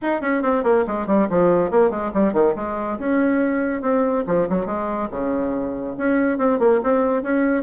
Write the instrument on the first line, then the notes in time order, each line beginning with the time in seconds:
bassoon
0.02 D#4
0.21 C#4
0.42 C4
0.63 A#3
0.87 G#3
1.06 G3
1.29 F3
1.71 A#3
1.90 G#3
2.13 G3
2.33 D#3
2.55 G#3
2.99 C#4
3.81 C4
4.26 F3
4.49 F#3
4.66 G#3
5.10 C#3
5.97 C#4
6.38 C4
6.59 A#3
6.83 C4
7.22 C#4